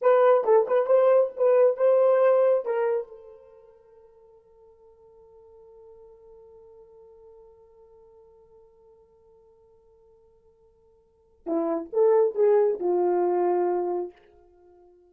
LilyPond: \new Staff \with { instrumentName = "horn" } { \time 4/4 \tempo 4 = 136 b'4 a'8 b'8 c''4 b'4 | c''2 ais'4 a'4~ | a'1~ | a'1~ |
a'1~ | a'1~ | a'2 e'4 a'4 | gis'4 f'2. | }